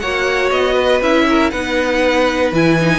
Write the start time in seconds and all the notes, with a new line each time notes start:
0.00 A#3 F#4 C#5 F#5
0.51 B3 D#5
0.75 B4
1.02 C#4 E4 E5
1.30 A#4
1.51 B3 D#4 B4 F#5
2.52 E3 E4 G#5
2.80 D#4